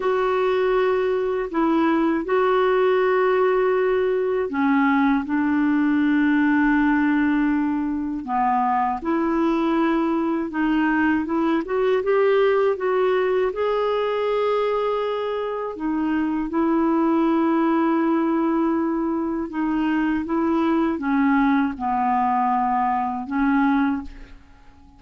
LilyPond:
\new Staff \with { instrumentName = "clarinet" } { \time 4/4 \tempo 4 = 80 fis'2 e'4 fis'4~ | fis'2 cis'4 d'4~ | d'2. b4 | e'2 dis'4 e'8 fis'8 |
g'4 fis'4 gis'2~ | gis'4 dis'4 e'2~ | e'2 dis'4 e'4 | cis'4 b2 cis'4 | }